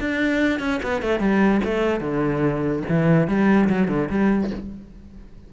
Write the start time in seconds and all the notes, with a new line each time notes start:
0.00 D4
0.60 C#4
0.83 B3
1.02 A3
1.20 G3
1.64 A3
2.01 D3
2.89 E3
3.28 G3
3.69 F#3
3.88 D3
4.10 G3